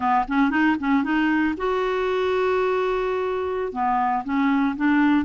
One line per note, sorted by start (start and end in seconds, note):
0.00 0.25 B3
0.28 0.50 C#4
0.50 0.76 D#4
0.79 1.03 C#4
1.03 1.54 D#4
1.57 3.72 F#4
3.72 4.23 B3
4.24 4.75 C#4
4.76 5.25 D4